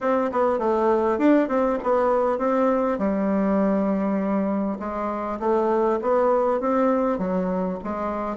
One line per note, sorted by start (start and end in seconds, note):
0.00 0.30 C4
0.32 0.58 B3
0.58 1.18 A3
1.18 1.48 D4
1.48 1.78 C4
1.83 2.38 B3
2.38 2.98 C4
2.98 4.78 G3
4.79 5.39 G#3
5.39 5.99 A3
6.01 6.60 B3
6.60 7.18 C4
7.18 7.78 F#3
7.83 8.36 G#3